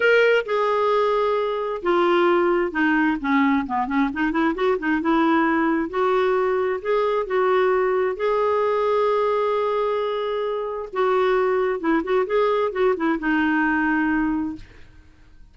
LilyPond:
\new Staff \with { instrumentName = "clarinet" } { \time 4/4 \tempo 4 = 132 ais'4 gis'2. | f'2 dis'4 cis'4 | b8 cis'8 dis'8 e'8 fis'8 dis'8 e'4~ | e'4 fis'2 gis'4 |
fis'2 gis'2~ | gis'1 | fis'2 e'8 fis'8 gis'4 | fis'8 e'8 dis'2. | }